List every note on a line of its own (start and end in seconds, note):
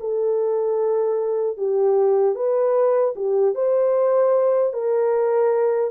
0.00 1.57 A4
1.57 2.35 G4
2.35 3.14 B4
3.15 3.55 G4
3.55 4.73 C5
4.73 5.91 A#4